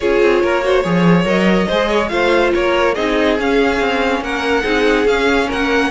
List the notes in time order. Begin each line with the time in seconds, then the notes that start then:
0.00 C#4 F4 G#4 C#5
0.21 C4
0.43 A#3 A#4
0.62 F#4 C5
0.83 F3 G#4 C#5
1.24 F#3 A#4 D#5
1.67 G#3 G#4 C5
1.88 C#5
2.08 A3 F4 C5 F5
2.54 A#3 A#4 C#5
2.94 C4 D#4 G#4 D#5
3.38 C#4 F5
3.80 C4
4.20 A#3 A#4 F#5
4.62 C4 D#4 G#4
5.05 C#4 F5
5.48 A#3 A#4 F#5